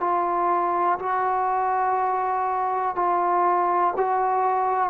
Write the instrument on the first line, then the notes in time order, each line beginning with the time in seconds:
trombone
0.00 F4
0.99 F#4
2.95 F4
3.96 F#4